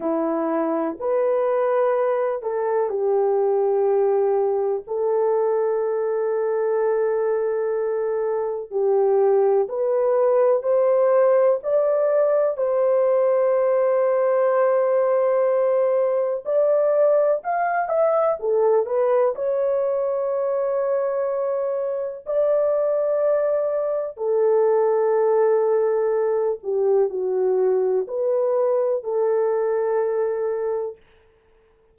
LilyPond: \new Staff \with { instrumentName = "horn" } { \time 4/4 \tempo 4 = 62 e'4 b'4. a'8 g'4~ | g'4 a'2.~ | a'4 g'4 b'4 c''4 | d''4 c''2.~ |
c''4 d''4 f''8 e''8 a'8 b'8 | cis''2. d''4~ | d''4 a'2~ a'8 g'8 | fis'4 b'4 a'2 | }